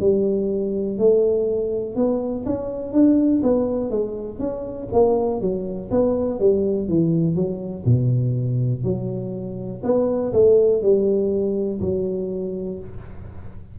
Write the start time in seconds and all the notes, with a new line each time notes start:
0.00 G3
0.98 A3
1.96 B3
2.45 C#4
2.92 D4
3.43 B3
3.90 G#3
4.39 C#4
4.92 A#3
5.41 F#3
5.91 B3
6.39 G3
6.88 E3
7.35 F#3
7.85 B2
8.83 F#3
9.83 B3
10.33 A3
10.82 G3
11.81 F#3